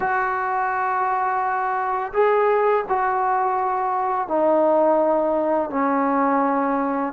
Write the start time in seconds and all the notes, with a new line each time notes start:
0.00 F#4
2.13 G#4
2.89 F#4
4.28 D#4
5.70 C#4